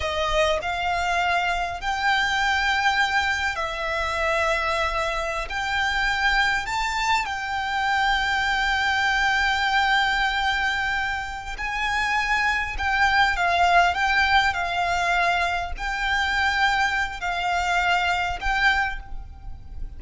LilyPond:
\new Staff \with { instrumentName = "violin" } { \time 4/4 \tempo 4 = 101 dis''4 f''2 g''4~ | g''2 e''2~ | e''4~ e''16 g''2 a''8.~ | a''16 g''2.~ g''8.~ |
g''2.~ g''8 gis''8~ | gis''4. g''4 f''4 g''8~ | g''8 f''2 g''4.~ | g''4 f''2 g''4 | }